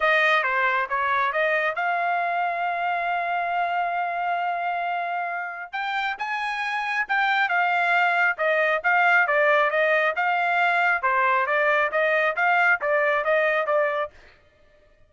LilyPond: \new Staff \with { instrumentName = "trumpet" } { \time 4/4 \tempo 4 = 136 dis''4 c''4 cis''4 dis''4 | f''1~ | f''1~ | f''4 g''4 gis''2 |
g''4 f''2 dis''4 | f''4 d''4 dis''4 f''4~ | f''4 c''4 d''4 dis''4 | f''4 d''4 dis''4 d''4 | }